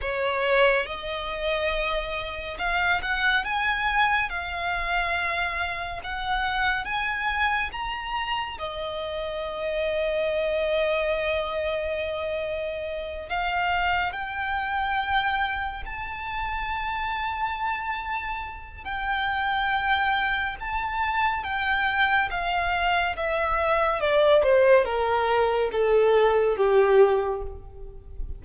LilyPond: \new Staff \with { instrumentName = "violin" } { \time 4/4 \tempo 4 = 70 cis''4 dis''2 f''8 fis''8 | gis''4 f''2 fis''4 | gis''4 ais''4 dis''2~ | dis''2.~ dis''8 f''8~ |
f''8 g''2 a''4.~ | a''2 g''2 | a''4 g''4 f''4 e''4 | d''8 c''8 ais'4 a'4 g'4 | }